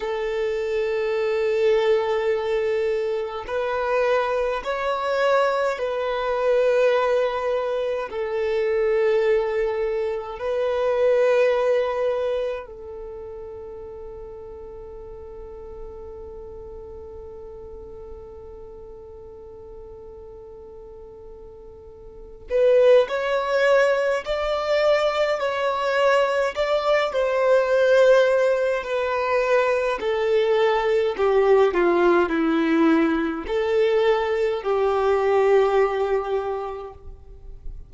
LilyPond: \new Staff \with { instrumentName = "violin" } { \time 4/4 \tempo 4 = 52 a'2. b'4 | cis''4 b'2 a'4~ | a'4 b'2 a'4~ | a'1~ |
a'2.~ a'8 b'8 | cis''4 d''4 cis''4 d''8 c''8~ | c''4 b'4 a'4 g'8 f'8 | e'4 a'4 g'2 | }